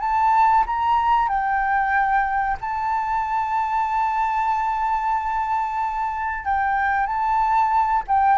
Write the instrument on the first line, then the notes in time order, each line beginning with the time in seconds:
flute
0.00 A5
0.66 A#5
1.28 G5
2.61 A5
6.45 G5
7.06 A5
8.07 G5